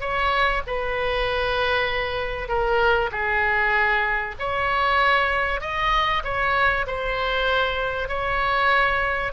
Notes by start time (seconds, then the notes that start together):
0.00 C#5
0.67 B4
2.48 A#4
3.11 G#4
4.39 C#5
5.61 D#5
6.24 C#5
6.86 C5
8.08 C#5